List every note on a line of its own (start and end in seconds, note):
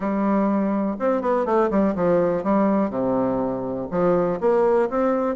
0.00 0.96 G3
0.99 1.21 C4
1.21 1.45 B3
1.45 1.69 A3
1.70 1.94 G3
1.95 2.43 F3
2.43 2.90 G3
2.90 3.87 C3
3.90 4.39 F3
4.40 4.89 A#3
4.89 5.35 C4